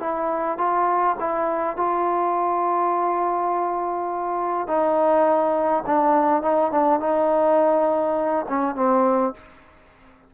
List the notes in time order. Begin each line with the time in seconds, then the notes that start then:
0.00 E4
0.58 F4
1.20 E4
1.77 F4
4.68 D#4
5.86 D4
6.42 D#4
6.71 D4
7.00 D#4
8.49 C#4
8.76 C4